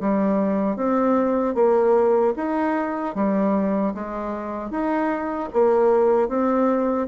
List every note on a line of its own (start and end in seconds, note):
0.00 0.76 G3
0.76 1.54 C4
1.54 2.33 A#3
2.36 3.14 D#4
3.14 3.93 G3
3.94 4.70 G#3
4.70 5.49 D#4
5.53 6.28 A#3
6.28 7.07 C4